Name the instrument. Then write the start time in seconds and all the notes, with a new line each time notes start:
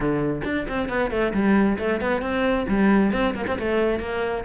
cello
0.00 D3
0.44 D4
0.68 C4
0.88 B3
1.10 A3
1.33 G3
1.78 A3
2.00 B3
2.21 C4
2.67 G3
3.12 C4
3.34 A#3
3.47 C4
3.58 A3
3.99 A#3